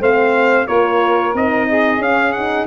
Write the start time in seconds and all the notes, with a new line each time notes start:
0.00 A3 C4 C5 F5
0.67 A#3 F4 A#4 C#5
1.34 C4 D#4 D#5
1.68 G#4
1.98 C#4 F5
2.32 D#4 F#5